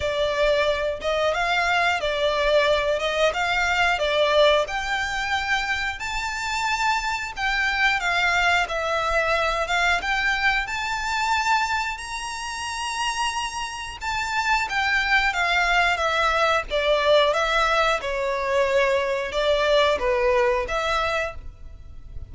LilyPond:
\new Staff \with { instrumentName = "violin" } { \time 4/4 \tempo 4 = 90 d''4. dis''8 f''4 d''4~ | d''8 dis''8 f''4 d''4 g''4~ | g''4 a''2 g''4 | f''4 e''4. f''8 g''4 |
a''2 ais''2~ | ais''4 a''4 g''4 f''4 | e''4 d''4 e''4 cis''4~ | cis''4 d''4 b'4 e''4 | }